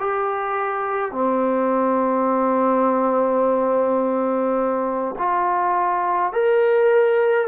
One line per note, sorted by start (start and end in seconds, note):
0.00 1.12 G4
1.12 5.16 C4
5.19 6.33 F4
6.33 7.48 A#4